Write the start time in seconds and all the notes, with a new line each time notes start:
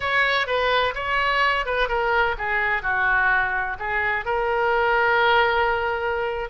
0.00 C#5
0.46 B4
0.94 C#5
1.65 B4
1.88 A#4
2.38 G#4
2.82 F#4
3.79 G#4
4.25 A#4